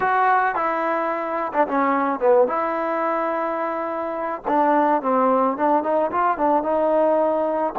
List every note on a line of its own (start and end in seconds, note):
0.00 0.55 F#4
0.55 1.52 E4
1.53 1.67 D4
1.67 2.19 C#4
2.19 2.47 B3
2.47 4.42 E4
4.47 5.02 D4
5.02 5.57 C4
5.57 5.83 D4
5.83 6.11 D#4
6.11 6.37 F4
6.37 6.62 D4
6.62 7.73 D#4